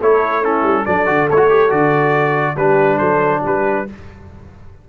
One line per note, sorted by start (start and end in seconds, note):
0.00 0.63 A3
0.00 0.44 E4
0.00 0.43 A4
0.00 0.45 C#5
0.43 0.87 C#4
0.43 0.86 E4
0.43 0.86 A4
0.63 0.84 G3
0.86 1.09 F#3
0.86 1.07 D4
0.86 2.56 A4
0.86 1.29 D5
1.07 1.30 D3
1.07 1.28 F#4
1.31 1.72 A3
1.31 1.37 E4
1.31 1.71 C#5
1.37 1.48 F#4
1.50 1.70 G4
1.70 2.56 D3
1.70 2.56 F#4
1.70 2.57 D5
2.56 2.99 G3
2.56 3.87 D4
2.56 2.99 G4
2.56 2.98 B4
2.98 3.44 F#3
2.98 3.42 A4
2.98 3.41 C5
3.42 3.88 G3
3.42 3.85 G4
3.42 3.89 B4